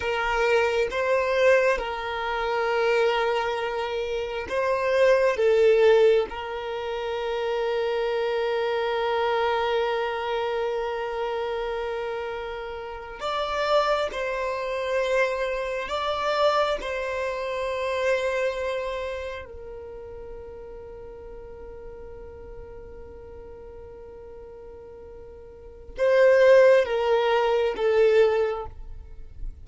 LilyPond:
\new Staff \with { instrumentName = "violin" } { \time 4/4 \tempo 4 = 67 ais'4 c''4 ais'2~ | ais'4 c''4 a'4 ais'4~ | ais'1~ | ais'2~ ais'8. d''4 c''16~ |
c''4.~ c''16 d''4 c''4~ c''16~ | c''4.~ c''16 ais'2~ ais'16~ | ais'1~ | ais'4 c''4 ais'4 a'4 | }